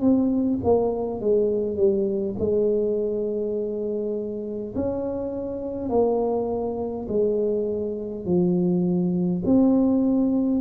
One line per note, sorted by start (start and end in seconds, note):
0.00 0.59 C4
0.63 1.20 A#3
1.20 1.76 G#3
1.76 2.35 G3
2.39 4.74 G#3
4.75 5.89 C#4
5.89 7.06 A#3
7.08 8.25 G#3
8.25 9.43 F3
9.45 10.60 C4